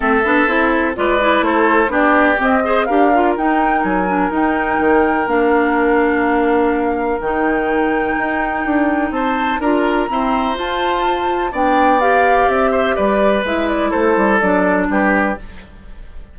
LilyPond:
<<
  \new Staff \with { instrumentName = "flute" } { \time 4/4 \tempo 4 = 125 e''2 d''4 c''4 | d''4 dis''4 f''4 g''4 | gis''4 g''2 f''4~ | f''2. g''4~ |
g''2. a''4 | ais''2 a''2 | g''4 f''4 e''4 d''4 | e''8 d''8 c''4 d''4 b'4 | }
  \new Staff \with { instrumentName = "oboe" } { \time 4/4 a'2 b'4 a'4 | g'4. c''8 ais'2~ | ais'1~ | ais'1~ |
ais'2. c''4 | ais'4 c''2. | d''2~ d''8 c''8 b'4~ | b'4 a'2 g'4 | }
  \new Staff \with { instrumentName = "clarinet" } { \time 4/4 c'8 d'8 e'4 f'8 e'4. | d'4 c'8 gis'8 g'8 f'8 dis'4~ | dis'8 d'8 dis'2 d'4~ | d'2. dis'4~ |
dis'1 | f'4 c'4 f'2 | d'4 g'2. | e'2 d'2 | }
  \new Staff \with { instrumentName = "bassoon" } { \time 4/4 a8 b8 c'4 gis4 a4 | b4 c'4 d'4 dis'4 | fis4 dis'4 dis4 ais4~ | ais2. dis4~ |
dis4 dis'4 d'4 c'4 | d'4 e'4 f'2 | b2 c'4 g4 | gis4 a8 g8 fis4 g4 | }
>>